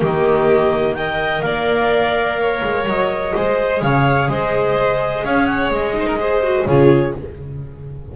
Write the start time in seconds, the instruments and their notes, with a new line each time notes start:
0.00 double bass D#3, viola A#3, violin G4, clarinet D#5
0.94 viola A#4, violin D#5, clarinet G5
1.41 double bass A#3, violin D5, clarinet F5
2.40 violin C#5
2.63 double bass G#3
2.86 double bass F#3, clarinet D#5
3.36 double bass G#3, viola G#4, violin C5
3.81 double bass C#3, violin C#5, clarinet F5
4.28 double bass G#3, violin C5, clarinet D#5
5.24 double bass C#4, violin C#5, clarinet F5
5.46 clarinet F#5
5.70 double bass G#3, clarinet D#5
5.94 viola D#4, violin C5
6.06 violin A#4
6.19 viola G#4, violin C5
6.43 viola F#4
6.65 double bass C#3, viola F4, violin G#4, clarinet C#5